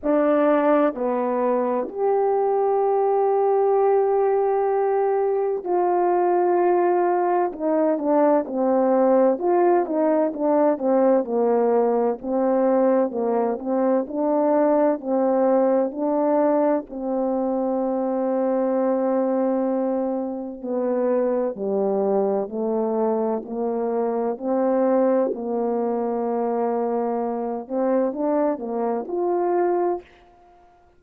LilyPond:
\new Staff \with { instrumentName = "horn" } { \time 4/4 \tempo 4 = 64 d'4 b4 g'2~ | g'2 f'2 | dis'8 d'8 c'4 f'8 dis'8 d'8 c'8 | ais4 c'4 ais8 c'8 d'4 |
c'4 d'4 c'2~ | c'2 b4 g4 | a4 ais4 c'4 ais4~ | ais4. c'8 d'8 ais8 f'4 | }